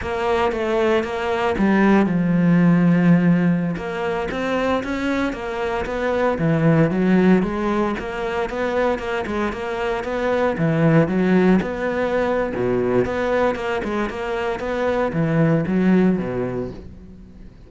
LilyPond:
\new Staff \with { instrumentName = "cello" } { \time 4/4 \tempo 4 = 115 ais4 a4 ais4 g4 | f2.~ f16 ais8.~ | ais16 c'4 cis'4 ais4 b8.~ | b16 e4 fis4 gis4 ais8.~ |
ais16 b4 ais8 gis8 ais4 b8.~ | b16 e4 fis4 b4.~ b16 | b,4 b4 ais8 gis8 ais4 | b4 e4 fis4 b,4 | }